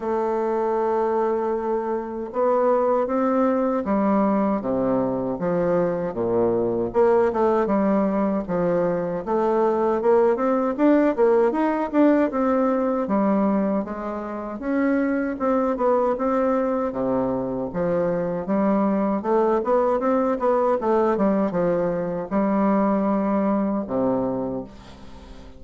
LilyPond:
\new Staff \with { instrumentName = "bassoon" } { \time 4/4 \tempo 4 = 78 a2. b4 | c'4 g4 c4 f4 | ais,4 ais8 a8 g4 f4 | a4 ais8 c'8 d'8 ais8 dis'8 d'8 |
c'4 g4 gis4 cis'4 | c'8 b8 c'4 c4 f4 | g4 a8 b8 c'8 b8 a8 g8 | f4 g2 c4 | }